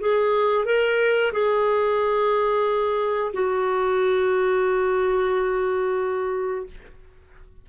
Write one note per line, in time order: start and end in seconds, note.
0.00 0.65 G#4
0.65 1.32 A#4
1.32 3.32 G#4
3.33 6.67 F#4